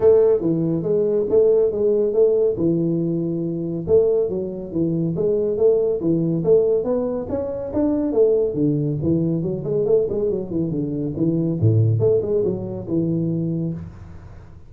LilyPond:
\new Staff \with { instrumentName = "tuba" } { \time 4/4 \tempo 4 = 140 a4 e4 gis4 a4 | gis4 a4 e2~ | e4 a4 fis4 e4 | gis4 a4 e4 a4 |
b4 cis'4 d'4 a4 | d4 e4 fis8 gis8 a8 gis8 | fis8 e8 d4 e4 a,4 | a8 gis8 fis4 e2 | }